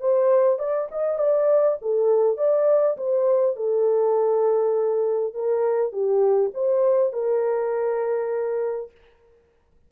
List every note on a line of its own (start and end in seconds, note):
0.00 0.59 C5
0.59 0.89 D5
0.91 1.18 D#5
1.18 1.78 D5
1.81 2.37 A4
2.37 2.97 D5
2.97 3.56 C5
3.56 5.34 A4
5.34 5.92 A#4
5.92 6.52 G4
6.54 7.13 C5
7.13 8.91 A#4